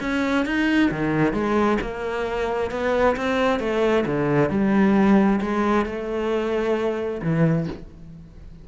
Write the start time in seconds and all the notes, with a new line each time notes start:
0.00 C#4
0.45 D#4
0.91 D#3
1.33 G#3
1.81 A#3
2.70 B3
3.16 C4
3.59 A3
4.06 D3
4.49 G3
5.41 G#3
5.85 A3
7.22 E3